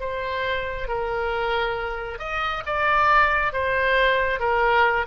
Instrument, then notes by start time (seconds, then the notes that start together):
oboe
0.00 C5
0.88 A#4
2.19 D#5
2.66 D5
3.53 C5
4.40 A#4